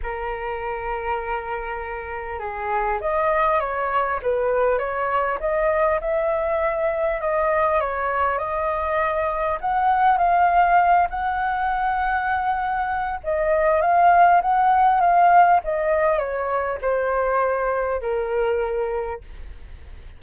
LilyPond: \new Staff \with { instrumentName = "flute" } { \time 4/4 \tempo 4 = 100 ais'1 | gis'4 dis''4 cis''4 b'4 | cis''4 dis''4 e''2 | dis''4 cis''4 dis''2 |
fis''4 f''4. fis''4.~ | fis''2 dis''4 f''4 | fis''4 f''4 dis''4 cis''4 | c''2 ais'2 | }